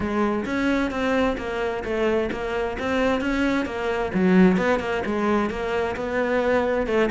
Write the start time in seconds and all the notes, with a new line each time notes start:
0.00 G#3
0.45 C#4
0.90 C4
1.37 A#3
1.84 A3
2.31 A#3
2.79 C4
3.20 C#4
3.65 A#3
4.13 F#3
4.57 B3
4.79 A#3
5.05 G#3
5.50 A#3
5.95 B3
6.86 A3